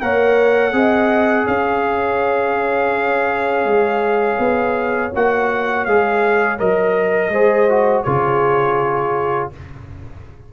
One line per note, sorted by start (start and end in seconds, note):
0.00 0.72 A#3
0.00 0.72 A#4
0.00 0.75 C#5
0.00 1.46 F#5
0.72 1.46 C4
0.72 5.11 G#4
0.72 1.43 D#5
1.43 3.64 C#4
1.43 7.29 C#5
1.43 5.12 F5
3.64 4.37 G#3
4.38 5.11 B3
5.14 5.86 A#3
5.14 5.88 F#4
5.14 5.85 F#5
5.85 6.59 G#3
5.85 6.58 G#4
5.85 6.58 F5
6.58 7.29 F#3
6.58 7.31 A#4
6.58 8.03 D#5
7.29 8.02 G#3
7.29 7.69 G#4
7.29 8.05 C5
7.69 8.05 F#4
8.03 9.52 C#3
8.03 9.52 F4
8.03 9.51 G#4
8.03 9.49 C#5